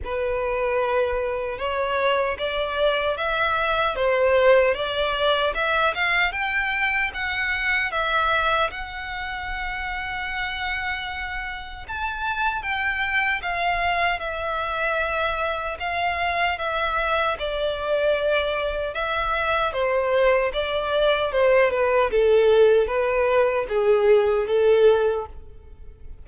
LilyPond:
\new Staff \with { instrumentName = "violin" } { \time 4/4 \tempo 4 = 76 b'2 cis''4 d''4 | e''4 c''4 d''4 e''8 f''8 | g''4 fis''4 e''4 fis''4~ | fis''2. a''4 |
g''4 f''4 e''2 | f''4 e''4 d''2 | e''4 c''4 d''4 c''8 b'8 | a'4 b'4 gis'4 a'4 | }